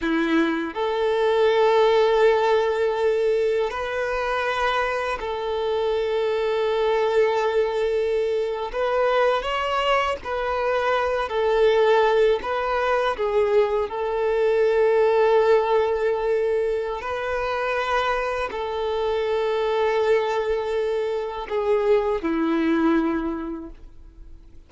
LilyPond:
\new Staff \with { instrumentName = "violin" } { \time 4/4 \tempo 4 = 81 e'4 a'2.~ | a'4 b'2 a'4~ | a'2.~ a'8. b'16~ | b'8. cis''4 b'4. a'8.~ |
a'8. b'4 gis'4 a'4~ a'16~ | a'2. b'4~ | b'4 a'2.~ | a'4 gis'4 e'2 | }